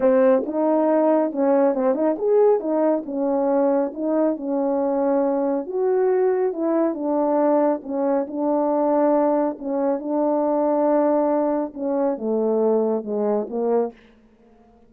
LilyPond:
\new Staff \with { instrumentName = "horn" } { \time 4/4 \tempo 4 = 138 c'4 dis'2 cis'4 | c'8 dis'8 gis'4 dis'4 cis'4~ | cis'4 dis'4 cis'2~ | cis'4 fis'2 e'4 |
d'2 cis'4 d'4~ | d'2 cis'4 d'4~ | d'2. cis'4 | a2 gis4 ais4 | }